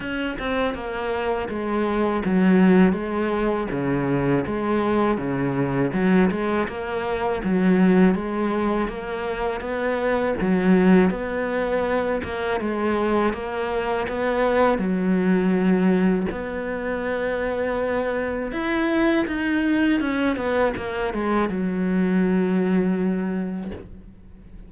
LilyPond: \new Staff \with { instrumentName = "cello" } { \time 4/4 \tempo 4 = 81 cis'8 c'8 ais4 gis4 fis4 | gis4 cis4 gis4 cis4 | fis8 gis8 ais4 fis4 gis4 | ais4 b4 fis4 b4~ |
b8 ais8 gis4 ais4 b4 | fis2 b2~ | b4 e'4 dis'4 cis'8 b8 | ais8 gis8 fis2. | }